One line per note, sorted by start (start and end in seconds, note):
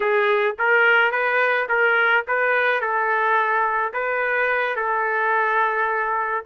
0.00 0.56 G#4
0.59 1.11 A#4
1.11 1.67 B4
1.68 2.24 A#4
2.27 2.80 B4
2.80 3.93 A4
3.93 4.76 B4
4.76 6.44 A4